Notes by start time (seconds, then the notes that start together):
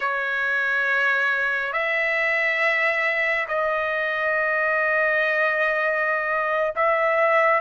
0.00 C#5
1.72 E5
3.48 D#5
6.75 E5